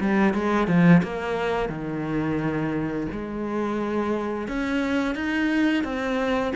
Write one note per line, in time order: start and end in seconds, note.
0.00 0.34 G3
0.34 0.67 G#3
0.67 1.02 F3
1.03 1.69 A#3
1.69 3.07 D#3
3.12 4.48 G#3
4.48 5.15 C#4
5.15 5.84 D#4
5.84 6.53 C4